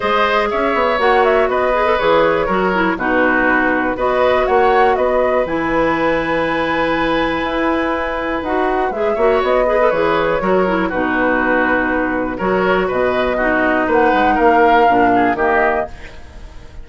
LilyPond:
<<
  \new Staff \with { instrumentName = "flute" } { \time 4/4 \tempo 4 = 121 dis''4 e''4 fis''8 e''8 dis''4 | cis''2 b'2 | dis''4 fis''4 dis''4 gis''4~ | gis''1~ |
gis''4 fis''4 e''4 dis''4 | cis''2 b'2~ | b'4 cis''4 dis''2 | fis''4 f''2 dis''4 | }
  \new Staff \with { instrumentName = "oboe" } { \time 4/4 c''4 cis''2 b'4~ | b'4 ais'4 fis'2 | b'4 cis''4 b'2~ | b'1~ |
b'2~ b'8 cis''4 b'8~ | b'4 ais'4 fis'2~ | fis'4 ais'4 b'4 fis'4 | b'4 ais'4. gis'8 g'4 | }
  \new Staff \with { instrumentName = "clarinet" } { \time 4/4 gis'2 fis'4. gis'16 a'16 | gis'4 fis'8 e'8 dis'2 | fis'2. e'4~ | e'1~ |
e'4 fis'4 gis'8 fis'4 gis'16 a'16 | gis'4 fis'8 e'8 dis'2~ | dis'4 fis'2 dis'4~ | dis'2 d'4 ais4 | }
  \new Staff \with { instrumentName = "bassoon" } { \time 4/4 gis4 cis'8 b8 ais4 b4 | e4 fis4 b,2 | b4 ais4 b4 e4~ | e2. e'4~ |
e'4 dis'4 gis8 ais8 b4 | e4 fis4 b,2~ | b,4 fis4 b,2 | ais8 gis8 ais4 ais,4 dis4 | }
>>